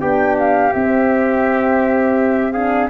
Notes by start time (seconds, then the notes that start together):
0.00 B3 D4 G4 G5
0.38 F5
0.72 C4 E5
2.52 D4 G#4 F5